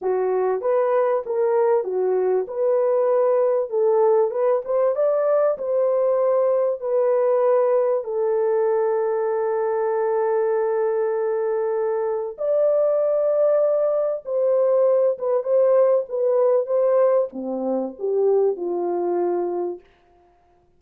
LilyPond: \new Staff \with { instrumentName = "horn" } { \time 4/4 \tempo 4 = 97 fis'4 b'4 ais'4 fis'4 | b'2 a'4 b'8 c''8 | d''4 c''2 b'4~ | b'4 a'2.~ |
a'1 | d''2. c''4~ | c''8 b'8 c''4 b'4 c''4 | c'4 g'4 f'2 | }